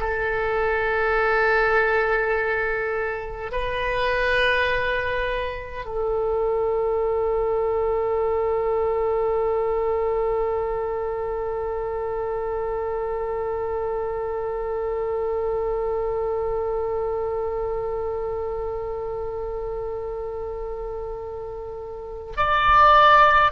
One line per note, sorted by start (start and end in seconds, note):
0.00 3.52 A4
3.52 5.86 B4
5.86 22.33 A4
22.37 23.52 D5